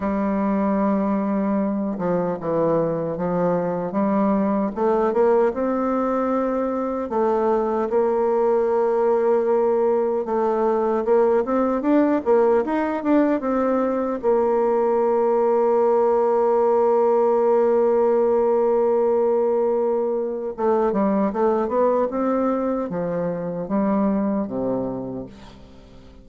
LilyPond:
\new Staff \with { instrumentName = "bassoon" } { \time 4/4 \tempo 4 = 76 g2~ g8 f8 e4 | f4 g4 a8 ais8 c'4~ | c'4 a4 ais2~ | ais4 a4 ais8 c'8 d'8 ais8 |
dis'8 d'8 c'4 ais2~ | ais1~ | ais2 a8 g8 a8 b8 | c'4 f4 g4 c4 | }